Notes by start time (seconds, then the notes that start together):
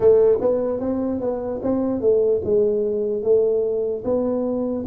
0.00 A3
0.41 B3
0.80 C4
1.20 B3
1.63 C4
2.00 A3
2.44 G#3
3.22 A3
4.04 B3